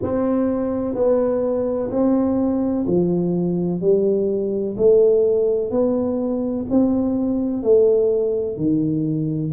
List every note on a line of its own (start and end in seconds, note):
0.02 0.94 C4
0.94 1.90 B3
1.90 2.85 C4
2.87 3.81 F3
3.81 4.76 G3
4.77 5.70 A3
5.70 6.65 B3
6.70 7.62 C4
7.62 8.57 A3
8.57 9.52 D#3